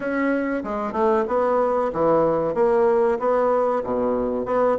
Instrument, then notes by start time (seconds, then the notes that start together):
bassoon
0.00 C#4
0.63 G#3
0.92 A3
1.27 B3
1.93 E3
2.54 A#3
3.19 B3
3.83 B2
4.45 B3